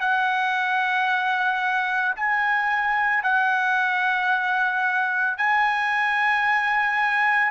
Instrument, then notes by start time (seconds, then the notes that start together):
trumpet
0.00 F#5
2.15 G#5
3.22 F#5
5.37 G#5